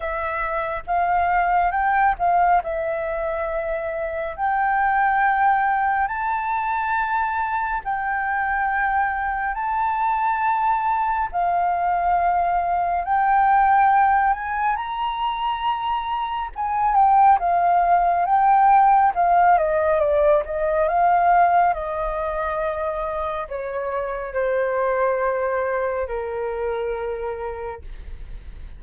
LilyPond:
\new Staff \with { instrumentName = "flute" } { \time 4/4 \tempo 4 = 69 e''4 f''4 g''8 f''8 e''4~ | e''4 g''2 a''4~ | a''4 g''2 a''4~ | a''4 f''2 g''4~ |
g''8 gis''8 ais''2 gis''8 g''8 | f''4 g''4 f''8 dis''8 d''8 dis''8 | f''4 dis''2 cis''4 | c''2 ais'2 | }